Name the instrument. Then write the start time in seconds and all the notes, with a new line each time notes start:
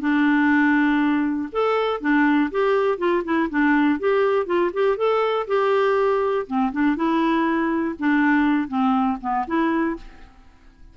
clarinet
0.00 D4
1.52 A4
2.01 D4
2.51 G4
2.98 F4
3.24 E4
3.50 D4
3.99 G4
4.46 F4
4.73 G4
4.97 A4
5.47 G4
6.47 C4
6.72 D4
6.96 E4
7.99 D4
8.68 C4
9.21 B3
9.47 E4